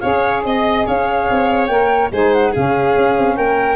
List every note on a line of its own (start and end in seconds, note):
0.00 0.45 C#4
0.00 1.69 G#4
0.00 0.43 C#5
0.00 0.42 F5
0.45 0.87 C4
0.45 0.87 D#5
0.45 0.86 D#5
0.86 1.30 C#4
0.86 2.12 C#5
0.86 1.67 F5
1.31 1.69 C4
1.67 2.11 A#3
1.67 2.11 A#4
1.67 2.09 G5
2.12 2.54 G#3
2.12 2.55 D#4
2.12 2.51 C5
2.12 2.33 G#5
2.33 2.54 F#5
2.51 2.97 C#3
2.51 3.76 C#4
2.51 3.35 G#4
2.51 3.37 F5
2.97 3.18 C#4
3.18 3.37 C4
3.37 3.76 A#3
3.37 3.76 A#4
3.37 3.76 G5